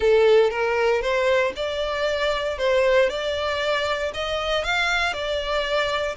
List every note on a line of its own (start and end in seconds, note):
0.00 0.50 A4
0.50 1.01 A#4
1.01 1.52 C5
1.55 2.58 D5
2.58 3.09 C5
3.09 4.12 D5
4.14 4.64 D#5
4.64 5.13 F5
5.13 6.15 D5